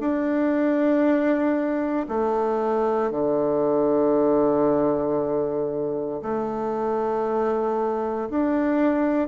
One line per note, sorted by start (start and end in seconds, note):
0.00 2.07 D4
2.09 3.11 A3
3.11 6.21 D3
6.22 8.29 A3
8.29 9.28 D4